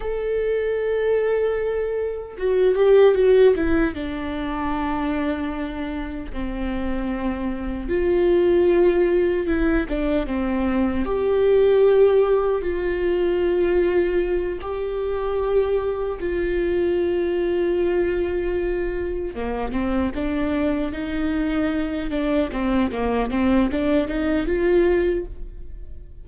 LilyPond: \new Staff \with { instrumentName = "viola" } { \time 4/4 \tempo 4 = 76 a'2. fis'8 g'8 | fis'8 e'8 d'2. | c'2 f'2 | e'8 d'8 c'4 g'2 |
f'2~ f'8 g'4.~ | g'8 f'2.~ f'8~ | f'8 ais8 c'8 d'4 dis'4. | d'8 c'8 ais8 c'8 d'8 dis'8 f'4 | }